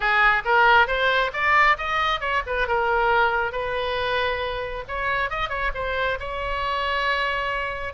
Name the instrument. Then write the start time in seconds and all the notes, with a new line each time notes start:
oboe
0.00 G#4
0.44 A#4
0.87 C5
1.33 D5
1.77 D#5
2.20 C#5
2.46 B4
2.67 A#4
3.52 B4
4.87 C#5
5.30 D#5
5.49 C#5
5.74 C5
6.19 C#5